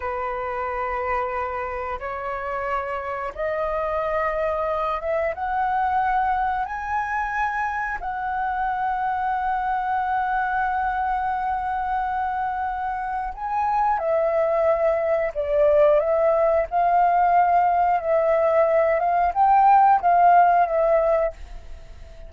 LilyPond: \new Staff \with { instrumentName = "flute" } { \time 4/4 \tempo 4 = 90 b'2. cis''4~ | cis''4 dis''2~ dis''8 e''8 | fis''2 gis''2 | fis''1~ |
fis''1 | gis''4 e''2 d''4 | e''4 f''2 e''4~ | e''8 f''8 g''4 f''4 e''4 | }